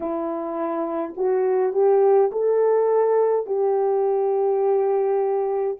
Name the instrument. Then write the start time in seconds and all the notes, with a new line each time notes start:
horn
0.00 E4
1.16 F#4
1.73 G4
2.32 A4
3.46 G4